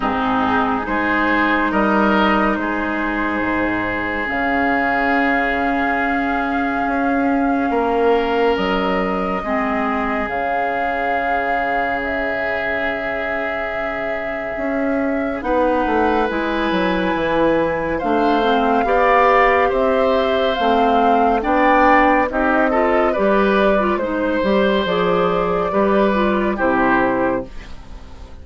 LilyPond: <<
  \new Staff \with { instrumentName = "flute" } { \time 4/4 \tempo 4 = 70 gis'4 c''4 dis''4 c''4~ | c''4 f''2.~ | f''2 dis''2 | f''2 e''2~ |
e''2 fis''4 gis''4~ | gis''4 f''2 e''4 | f''4 g''4 dis''4 d''4 | c''4 d''2 c''4 | }
  \new Staff \with { instrumentName = "oboe" } { \time 4/4 dis'4 gis'4 ais'4 gis'4~ | gis'1~ | gis'4 ais'2 gis'4~ | gis'1~ |
gis'2 b'2~ | b'4 c''4 d''4 c''4~ | c''4 d''4 g'8 a'8 b'4 | c''2 b'4 g'4 | }
  \new Staff \with { instrumentName = "clarinet" } { \time 4/4 c'4 dis'2.~ | dis'4 cis'2.~ | cis'2. c'4 | cis'1~ |
cis'2 dis'4 e'4~ | e'4 d'8 c'8 g'2 | c'4 d'4 dis'8 f'8 g'8. f'16 | dis'8 g'8 gis'4 g'8 f'8 e'4 | }
  \new Staff \with { instrumentName = "bassoon" } { \time 4/4 gis,4 gis4 g4 gis4 | gis,4 cis2. | cis'4 ais4 fis4 gis4 | cis1~ |
cis4 cis'4 b8 a8 gis8 fis8 | e4 a4 b4 c'4 | a4 b4 c'4 g4 | gis8 g8 f4 g4 c4 | }
>>